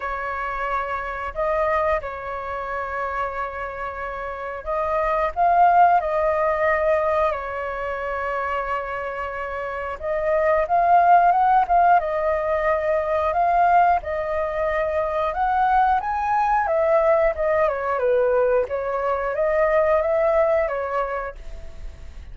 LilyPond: \new Staff \with { instrumentName = "flute" } { \time 4/4 \tempo 4 = 90 cis''2 dis''4 cis''4~ | cis''2. dis''4 | f''4 dis''2 cis''4~ | cis''2. dis''4 |
f''4 fis''8 f''8 dis''2 | f''4 dis''2 fis''4 | gis''4 e''4 dis''8 cis''8 b'4 | cis''4 dis''4 e''4 cis''4 | }